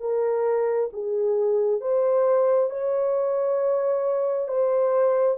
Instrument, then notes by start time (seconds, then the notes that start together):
horn
0.00 A#4
0.93 G#4
1.81 C5
2.70 C#5
4.48 C5